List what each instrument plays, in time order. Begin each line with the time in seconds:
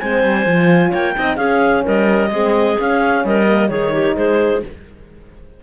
0.00 cello G#3, horn C4, clarinet C5 G#5
0.24 cello G3
0.46 cello F3, horn F4
0.90 cello A#3, clarinet C#5 G5
1.15 cello C4, horn D#4, clarinet D#5
1.36 cello C#4, horn C#4, clarinet G#4 F5
1.84 cello G3, clarinet A#4 D#5
2.31 cello G#3, horn C4, clarinet G#4
2.79 horn C#4, cello C#4, clarinet F5
3.24 cello G3, clarinet A#4 D#5
3.46 horn A#3
3.69 cello D#3, horn D#4, clarinet G#4 C#5
3.93 clarinet G4
4.16 cello G#3, clarinet G#4 C5